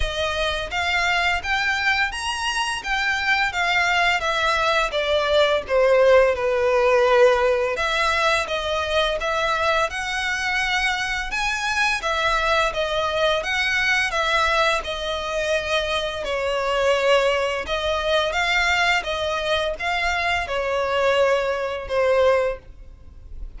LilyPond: \new Staff \with { instrumentName = "violin" } { \time 4/4 \tempo 4 = 85 dis''4 f''4 g''4 ais''4 | g''4 f''4 e''4 d''4 | c''4 b'2 e''4 | dis''4 e''4 fis''2 |
gis''4 e''4 dis''4 fis''4 | e''4 dis''2 cis''4~ | cis''4 dis''4 f''4 dis''4 | f''4 cis''2 c''4 | }